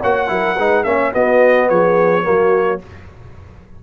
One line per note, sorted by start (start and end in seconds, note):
0.00 0.29 A#3
0.00 0.27 F#4
0.00 0.28 C#5
0.00 0.84 F#5
0.27 0.57 F#3
0.27 0.55 E4
0.27 0.56 A#4
0.56 0.84 G#3
0.56 0.85 D#4
0.56 0.84 B4
0.84 1.12 A#3
0.84 1.13 C#4
0.84 1.12 C#5
0.84 1.12 E5
1.12 2.23 B3
1.12 1.69 B3
1.12 1.68 F#4
1.12 1.69 D#5
1.69 2.25 F3
1.69 2.25 G#4
1.69 2.81 C#5
2.23 2.83 F#3
2.23 2.79 A#3
2.23 2.81 F#4